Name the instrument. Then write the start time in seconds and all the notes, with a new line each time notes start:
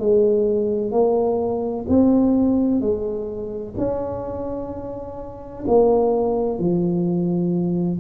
tuba
0.00 G#3
0.92 A#3
1.88 C4
2.81 G#3
3.78 C#4
5.68 A#3
6.59 F3